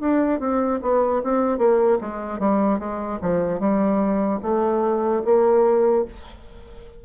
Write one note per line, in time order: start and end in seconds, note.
0.00 0.39 D4
0.39 0.79 C4
0.81 1.21 B3
1.23 1.58 C4
1.58 1.98 A#3
2.00 2.39 G#3
2.39 2.79 G3
2.79 3.19 G#3
3.21 3.59 F3
3.59 4.39 G3
4.42 5.22 A3
5.24 6.04 A#3